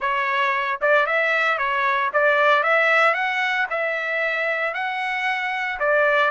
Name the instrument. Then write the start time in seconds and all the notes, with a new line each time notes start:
trumpet
0.00 C#5
0.81 D5
1.06 E5
1.58 C#5
2.13 D5
2.63 E5
3.14 F#5
3.70 E5
4.74 F#5
5.79 D5